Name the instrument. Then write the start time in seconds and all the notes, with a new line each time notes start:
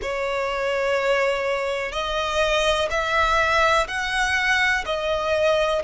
violin
0.01 C#5
1.91 D#5
2.90 E5
3.87 F#5
4.85 D#5